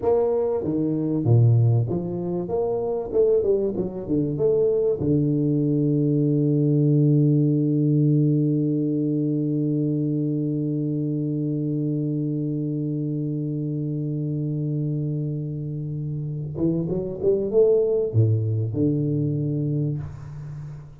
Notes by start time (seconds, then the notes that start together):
0.01 A#3
0.63 D#3
1.24 A#2
1.89 F3
2.48 A#3
3.12 A3
3.42 G3
3.76 F#3
4.07 D3
4.37 A3
4.99 D3
16.56 E3
16.89 F#3
17.22 G3
17.51 A3
18.12 A2
18.73 D3